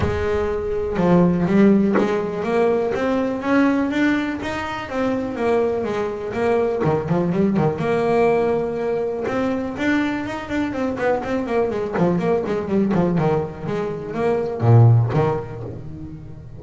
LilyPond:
\new Staff \with { instrumentName = "double bass" } { \time 4/4 \tempo 4 = 123 gis2 f4 g4 | gis4 ais4 c'4 cis'4 | d'4 dis'4 c'4 ais4 | gis4 ais4 dis8 f8 g8 dis8 |
ais2. c'4 | d'4 dis'8 d'8 c'8 b8 c'8 ais8 | gis8 f8 ais8 gis8 g8 f8 dis4 | gis4 ais4 ais,4 dis4 | }